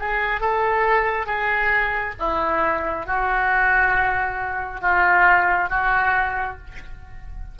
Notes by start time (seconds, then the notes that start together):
0.00 G#4
0.41 A4
1.26 G#4
2.20 E4
3.06 F#4
4.82 F4
5.70 F#4